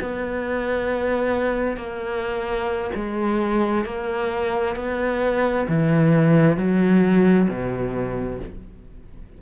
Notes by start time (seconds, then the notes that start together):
0.00 B3
1.77 A#3
2.95 G#3
3.85 A#3
4.76 B3
5.68 E3
6.57 F#3
7.49 B2